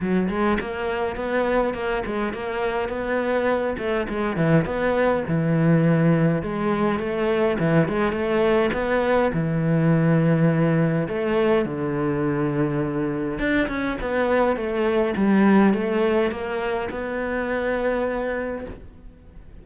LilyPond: \new Staff \with { instrumentName = "cello" } { \time 4/4 \tempo 4 = 103 fis8 gis8 ais4 b4 ais8 gis8 | ais4 b4. a8 gis8 e8 | b4 e2 gis4 | a4 e8 gis8 a4 b4 |
e2. a4 | d2. d'8 cis'8 | b4 a4 g4 a4 | ais4 b2. | }